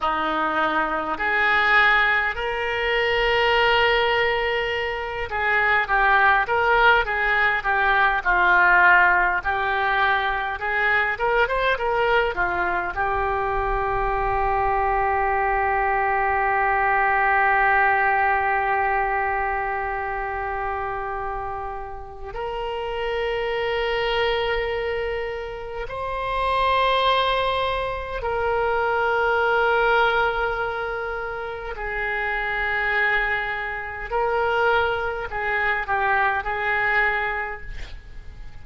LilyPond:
\new Staff \with { instrumentName = "oboe" } { \time 4/4 \tempo 4 = 51 dis'4 gis'4 ais'2~ | ais'8 gis'8 g'8 ais'8 gis'8 g'8 f'4 | g'4 gis'8 ais'16 c''16 ais'8 f'8 g'4~ | g'1~ |
g'2. ais'4~ | ais'2 c''2 | ais'2. gis'4~ | gis'4 ais'4 gis'8 g'8 gis'4 | }